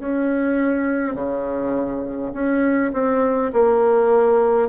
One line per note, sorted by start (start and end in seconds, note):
0.00 1.15 C#4
1.15 2.33 C#3
2.34 2.93 C#4
2.93 3.52 C4
3.53 4.69 A#3